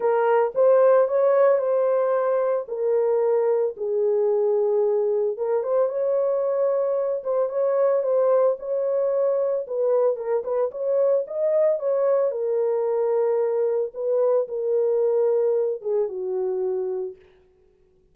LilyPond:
\new Staff \with { instrumentName = "horn" } { \time 4/4 \tempo 4 = 112 ais'4 c''4 cis''4 c''4~ | c''4 ais'2 gis'4~ | gis'2 ais'8 c''8 cis''4~ | cis''4. c''8 cis''4 c''4 |
cis''2 b'4 ais'8 b'8 | cis''4 dis''4 cis''4 ais'4~ | ais'2 b'4 ais'4~ | ais'4. gis'8 fis'2 | }